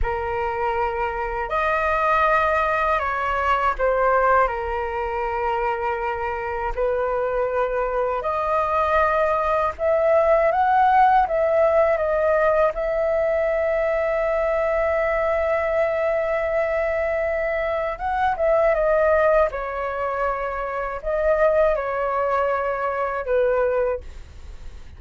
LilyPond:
\new Staff \with { instrumentName = "flute" } { \time 4/4 \tempo 4 = 80 ais'2 dis''2 | cis''4 c''4 ais'2~ | ais'4 b'2 dis''4~ | dis''4 e''4 fis''4 e''4 |
dis''4 e''2.~ | e''1 | fis''8 e''8 dis''4 cis''2 | dis''4 cis''2 b'4 | }